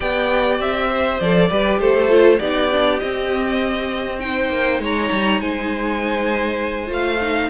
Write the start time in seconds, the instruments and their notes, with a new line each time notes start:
0.00 cello B3, viola G4, violin D5 G5
0.59 cello C4, violin E5
0.88 violin C5
1.20 cello F3, viola A4, violin D5
1.50 cello G3, viola G4, violin B4
1.79 cello A3, violin A4 C5
2.08 viola F4
2.39 cello B3, viola D#4, violin G4 D5
2.71 viola D4
2.99 viola C4, cello C4, violin D#5
4.19 viola D#4, violin C5 G5
4.49 cello A#3
4.79 cello G#3, violin C#5 A#5
5.11 cello G3
5.40 cello G#3, violin C5 G#5
6.87 cello A3, viola F4, violin F5
7.21 viola D#4